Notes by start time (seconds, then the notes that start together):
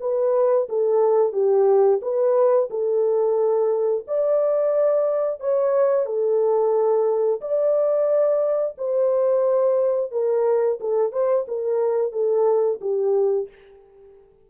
0.00 B4
0.69 A4
1.32 G4
2.01 B4
2.70 A4
4.07 D5
5.40 C#5
6.05 A4
7.40 D5
8.77 C5
10.11 A#4
10.80 A4
11.12 C5
11.48 A#4
12.12 A4
12.81 G4